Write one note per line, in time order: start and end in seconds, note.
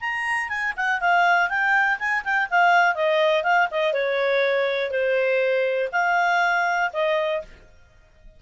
0.00 0.49 A#5
0.49 0.73 G#5
0.76 1.00 F#5
1.00 1.49 F5
1.49 1.98 G5
1.99 2.23 G#5
2.24 2.48 G5
2.50 2.94 F5
2.94 3.43 D#5
3.43 3.68 F5
3.71 3.93 D#5
3.93 4.91 C#5
4.91 5.89 C5
5.92 6.90 F5
6.93 7.42 D#5